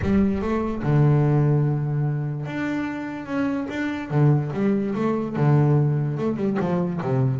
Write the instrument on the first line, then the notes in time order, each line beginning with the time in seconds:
double bass
0.02 G3
0.41 A3
0.82 D3
2.46 D4
3.26 C#4
3.69 D4
4.10 D3
4.53 G3
4.94 A3
5.35 D3
6.17 A3
6.36 G3
6.60 F3
7.02 C3